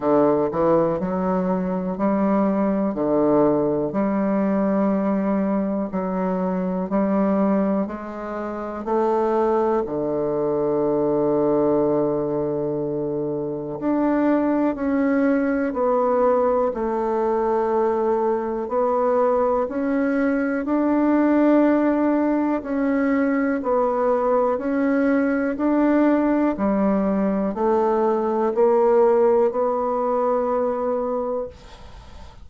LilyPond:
\new Staff \with { instrumentName = "bassoon" } { \time 4/4 \tempo 4 = 61 d8 e8 fis4 g4 d4 | g2 fis4 g4 | gis4 a4 d2~ | d2 d'4 cis'4 |
b4 a2 b4 | cis'4 d'2 cis'4 | b4 cis'4 d'4 g4 | a4 ais4 b2 | }